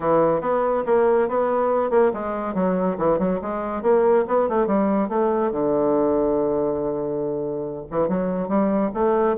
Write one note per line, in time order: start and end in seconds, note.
0.00 0.40 E3
0.40 0.83 B3
0.85 1.28 A#3
1.28 1.90 B3
1.90 2.11 A#3
2.13 2.54 G#3
2.54 2.97 F#3
2.98 3.18 E3
3.18 3.40 F#3
3.41 3.82 G#3
3.82 4.24 A#3
4.27 4.48 B3
4.48 4.67 A3
4.67 5.09 G3
5.09 5.51 A3
5.51 7.85 D3
7.90 8.08 E3
8.08 8.48 F#3
8.48 8.91 G3
8.94 9.36 A3